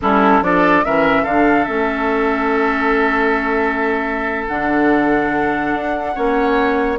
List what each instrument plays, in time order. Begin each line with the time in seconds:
0.01 bassoon G3, clarinet C#4, oboe E4, flute A4
0.41 bassoon F3, clarinet D4, oboe A4, flute D5
0.85 bassoon E3, clarinet C#4, oboe A#4, flute E5
1.22 bassoon D3, clarinet D4, oboe A4, flute F5
1.64 bassoon A3, clarinet C#4, flute E5
4.47 bassoon D3, clarinet D4, flute F#5
5.73 bassoon D4
6.14 bassoon A#3, clarinet C#4, oboe C#5